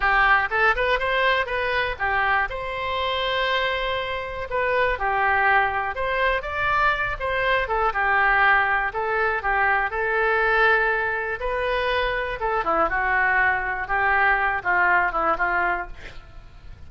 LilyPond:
\new Staff \with { instrumentName = "oboe" } { \time 4/4 \tempo 4 = 121 g'4 a'8 b'8 c''4 b'4 | g'4 c''2.~ | c''4 b'4 g'2 | c''4 d''4. c''4 a'8 |
g'2 a'4 g'4 | a'2. b'4~ | b'4 a'8 e'8 fis'2 | g'4. f'4 e'8 f'4 | }